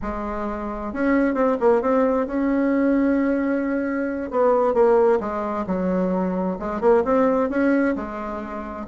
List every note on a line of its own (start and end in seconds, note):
0.02 0.93 G#3
0.93 1.34 C#4
1.34 1.57 C4
1.60 1.81 A#3
1.81 2.26 C4
2.26 4.31 C#4
4.31 4.74 B3
4.74 5.19 A#3
5.19 5.65 G#3
5.66 6.57 F#3
6.59 6.81 G#3
6.81 7.03 A#3
7.04 7.49 C4
7.49 7.95 C#4
7.95 8.86 G#3